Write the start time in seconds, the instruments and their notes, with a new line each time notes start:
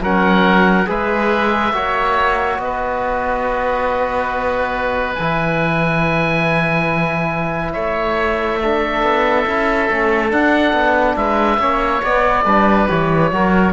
0.00 cello F#3, trombone C#4, oboe A#4 F#5
0.86 cello G#3, trombone G#4, oboe B4 E5
1.73 cello A#3, trombone F#4, oboe C#5
2.58 cello B3, oboe B4 D#5
5.15 cello E3, trombone E4, oboe G#5
7.72 cello A3, oboe C#5 E5
8.61 trombone D4, oboe A4
9.02 cello B3
9.46 cello C#4, trombone E4
9.89 cello A3, trombone C#4
10.30 trombone D4, cello D4, oboe F#5
10.72 cello B3
11.16 cello G#3, oboe B4 E5
11.58 cello A#3, trombone C#4, oboe C#5
12.02 trombone B3, cello B3, oboe D5
12.44 cello G3, trombone D4, oboe B4
12.88 cello E3, trombone G4, oboe C#5
13.31 cello F#3, trombone F#4, oboe A#4